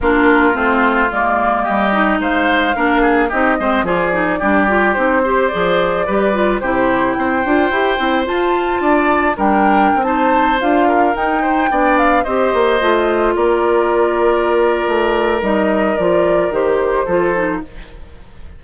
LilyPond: <<
  \new Staff \with { instrumentName = "flute" } { \time 4/4 \tempo 4 = 109 ais'4 c''4 d''4 dis''4 | f''2 dis''4 d''4~ | d''4 c''4 d''2 | c''4 g''2 a''4~ |
a''4 g''4~ g''16 a''4 f''8.~ | f''16 g''4. f''8 dis''4.~ dis''16~ | dis''16 d''2.~ d''8. | dis''4 d''4 c''2 | }
  \new Staff \with { instrumentName = "oboe" } { \time 4/4 f'2. g'4 | c''4 ais'8 gis'8 g'8 c''8 gis'4 | g'4. c''4. b'4 | g'4 c''2. |
d''4 ais'4~ ais'16 c''4. ais'16~ | ais'8. c''8 d''4 c''4.~ c''16~ | c''16 ais'2.~ ais'8.~ | ais'2. a'4 | }
  \new Staff \with { instrumentName = "clarinet" } { \time 4/4 d'4 c'4 ais4. dis'8~ | dis'4 d'4 dis'8 c'8 f'8 dis'8 | d'8 f'8 dis'8 g'8 gis'4 g'8 f'8 | e'4. f'8 g'8 e'8 f'4~ |
f'4 d'4~ d'16 dis'4 f'8.~ | f'16 dis'4 d'4 g'4 f'8.~ | f'1 | dis'4 f'4 g'4 f'8 dis'8 | }
  \new Staff \with { instrumentName = "bassoon" } { \time 4/4 ais4 a4 gis4 g4 | gis4 ais4 c'8 gis8 f4 | g4 c'4 f4 g4 | c4 c'8 d'8 e'8 c'8 f'4 |
d'4 g4 c'4~ c'16 d'8.~ | d'16 dis'4 b4 c'8 ais8 a8.~ | a16 ais2~ ais8. a4 | g4 f4 dis4 f4 | }
>>